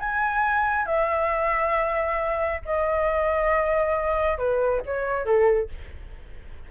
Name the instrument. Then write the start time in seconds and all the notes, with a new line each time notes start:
flute
0.00 G#5
0.86 E5
2.66 D#5
4.38 B4
4.86 C#5
5.26 A4